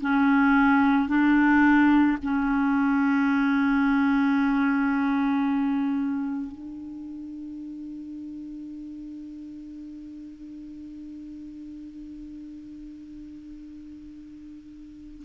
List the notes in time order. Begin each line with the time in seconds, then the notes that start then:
0.00 C#4
1.08 D4
2.23 C#4
6.52 D4